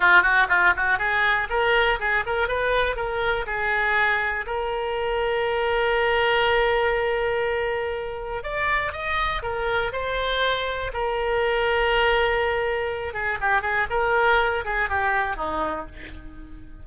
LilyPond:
\new Staff \with { instrumentName = "oboe" } { \time 4/4 \tempo 4 = 121 f'8 fis'8 f'8 fis'8 gis'4 ais'4 | gis'8 ais'8 b'4 ais'4 gis'4~ | gis'4 ais'2.~ | ais'1~ |
ais'4 d''4 dis''4 ais'4 | c''2 ais'2~ | ais'2~ ais'8 gis'8 g'8 gis'8 | ais'4. gis'8 g'4 dis'4 | }